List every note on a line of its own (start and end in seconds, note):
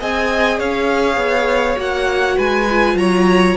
0.00 0.60 C4
0.00 1.77 G#4
0.00 0.59 D#5
0.00 0.60 G#5
0.59 1.17 C#4
0.59 2.37 C#5
0.59 1.78 F5
1.17 1.76 B3
1.77 2.37 A#3
1.77 2.66 F#4
1.77 2.39 F#5
2.37 2.95 G#3
2.37 2.97 B4
2.37 2.98 G#5
2.70 3.57 F4
2.95 3.54 F#3
2.95 3.57 C#5
2.95 3.57 A#5